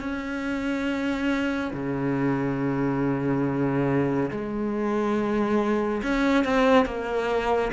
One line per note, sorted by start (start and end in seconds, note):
0.00 1.71 C#4
1.73 4.31 C#3
4.31 6.02 G#3
6.03 6.44 C#4
6.44 6.86 C4
6.86 7.71 A#3